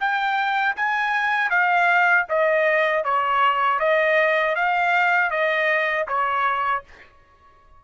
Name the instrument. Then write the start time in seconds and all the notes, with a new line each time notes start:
trumpet
0.00 G5
0.77 G#5
1.51 F5
2.30 D#5
3.04 C#5
3.80 D#5
4.56 F5
5.31 D#5
6.08 C#5